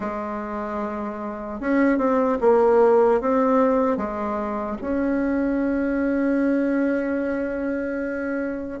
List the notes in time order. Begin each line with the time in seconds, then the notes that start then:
0.00 G#3
1.60 C#4
1.98 C4
2.40 A#3
3.20 C4
3.97 G#3
4.81 C#4